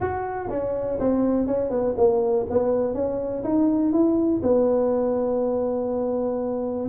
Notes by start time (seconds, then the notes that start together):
0.00 F#4
0.49 C#4
0.99 C4
1.46 C#4
1.70 B3
1.97 A#3
2.49 B3
2.94 C#4
3.43 D#4
3.92 E4
4.43 B3